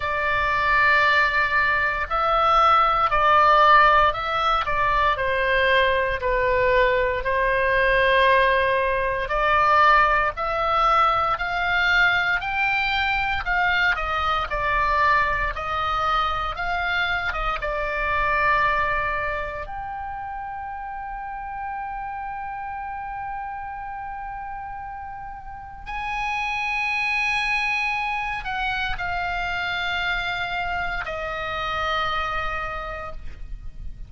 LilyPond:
\new Staff \with { instrumentName = "oboe" } { \time 4/4 \tempo 4 = 58 d''2 e''4 d''4 | e''8 d''8 c''4 b'4 c''4~ | c''4 d''4 e''4 f''4 | g''4 f''8 dis''8 d''4 dis''4 |
f''8. dis''16 d''2 g''4~ | g''1~ | g''4 gis''2~ gis''8 fis''8 | f''2 dis''2 | }